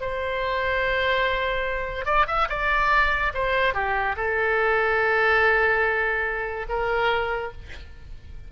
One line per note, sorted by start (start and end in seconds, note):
0.00 2.05 C5
2.05 2.26 D5
2.27 2.48 E5
2.49 3.32 D5
3.34 3.74 C5
3.74 4.16 G4
4.16 6.66 A4
6.69 7.52 A#4